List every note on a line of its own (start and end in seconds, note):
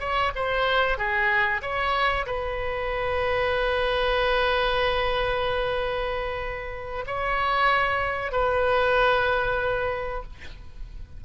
0.00 0.32 C#5
0.36 0.98 C5
0.98 1.62 G#4
1.62 2.26 C#5
2.27 7.06 B4
7.07 8.32 C#5
8.32 10.24 B4